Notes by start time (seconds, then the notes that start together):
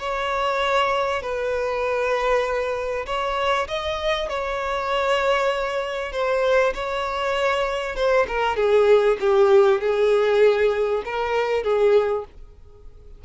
0.00 C#5
1.23 B4
3.07 C#5
3.68 D#5
4.29 C#5
6.13 C5
6.75 C#5
7.96 C5
8.28 A#4
8.57 G#4
9.21 G4
9.81 G#4
11.05 A#4
11.64 G#4